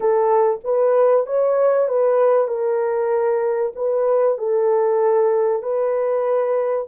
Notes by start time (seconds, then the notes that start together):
0.00 A4
0.63 B4
1.26 C#5
1.88 B4
2.47 A#4
3.75 B4
4.38 A4
5.62 B4